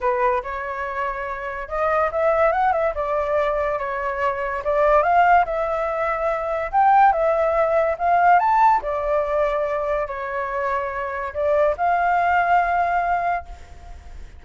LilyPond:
\new Staff \with { instrumentName = "flute" } { \time 4/4 \tempo 4 = 143 b'4 cis''2. | dis''4 e''4 fis''8 e''8 d''4~ | d''4 cis''2 d''4 | f''4 e''2. |
g''4 e''2 f''4 | a''4 d''2. | cis''2. d''4 | f''1 | }